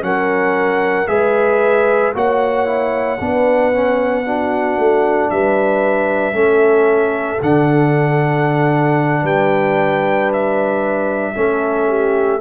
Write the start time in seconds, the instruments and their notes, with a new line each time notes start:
0.00 tuba F#3, trombone C#4, horn A#4, trumpet F#5
1.07 tuba G#3, trombone G#4, horn B4, trumpet E5
2.14 tuba A#3, trombone F#4, horn C#5, trumpet F#5
2.65 trombone E4
3.20 tuba B3, trombone D4, horn B4
3.72 trombone C#4
4.25 trombone D4, horn F#4
4.77 tuba A3
5.30 tuba G3, horn B4, trumpet E5
6.32 tuba A3, trombone C#4, horn A4
7.41 tuba D3, trombone D4, trumpet F#5
9.21 tuba G3, horn B4, trumpet G5
10.33 trumpet E5
11.34 tuba A3, trombone C#4, horn A4
11.88 horn G4